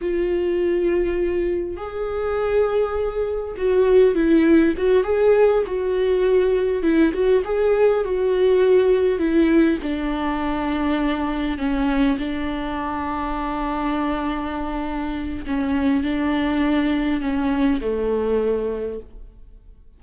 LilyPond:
\new Staff \with { instrumentName = "viola" } { \time 4/4 \tempo 4 = 101 f'2. gis'4~ | gis'2 fis'4 e'4 | fis'8 gis'4 fis'2 e'8 | fis'8 gis'4 fis'2 e'8~ |
e'8 d'2. cis'8~ | cis'8 d'2.~ d'8~ | d'2 cis'4 d'4~ | d'4 cis'4 a2 | }